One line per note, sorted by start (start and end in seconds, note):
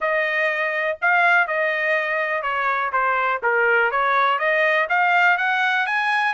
0.00 0.98 D#5
1.01 1.47 F5
1.47 2.42 D#5
2.42 2.91 C#5
2.92 3.41 C5
3.43 3.91 A#4
3.91 4.38 C#5
4.38 4.87 D#5
4.89 5.37 F5
5.37 5.86 F#5
5.86 6.33 G#5